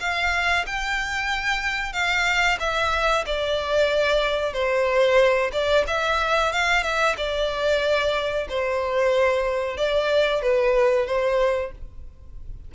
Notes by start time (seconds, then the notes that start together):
0.00 F5
0.67 G5
1.93 F5
2.60 E5
3.26 D5
4.53 C5
5.53 D5
5.88 E5
6.53 F5
6.83 E5
7.17 D5
8.49 C5
9.78 D5
10.42 B4
11.07 C5